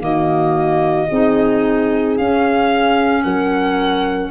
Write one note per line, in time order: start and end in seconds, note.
0.00 1.07 D#3
0.00 1.07 A#3
0.00 1.09 F#4
0.00 2.18 D#5
1.09 2.19 C4
1.09 2.20 D#4
1.09 3.23 G#4
2.18 3.25 C#4
2.18 4.31 C#4
2.18 3.23 F5
3.23 4.31 F#3
3.23 4.31 A#4
3.23 4.30 F#5